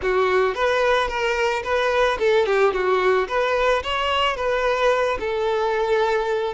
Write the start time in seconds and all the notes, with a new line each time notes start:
0.02 F#4
0.54 B4
1.08 A#4
1.63 B4
2.19 A4
2.45 G4
2.73 F#4
3.28 B4
3.83 C#5
4.36 B4
5.19 A4